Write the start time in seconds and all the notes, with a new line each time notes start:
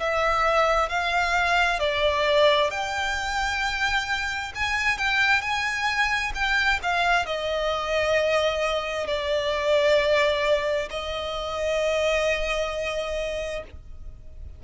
0.00 E5
0.89 F5
1.79 D5
2.71 G5
4.55 G#5
4.98 G5
5.41 G#5
6.34 G5
6.83 F5
7.26 D#5
9.07 D5
10.90 D#5